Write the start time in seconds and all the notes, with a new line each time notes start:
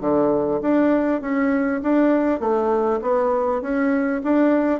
0.00 D3
0.61 D4
1.21 C#4
1.82 D4
2.39 A3
3.01 B3
3.61 C#4
4.23 D4